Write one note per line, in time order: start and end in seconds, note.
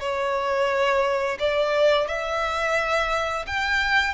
0.00 1.38 C#5
1.39 2.08 D5
2.08 3.45 E5
3.47 4.14 G5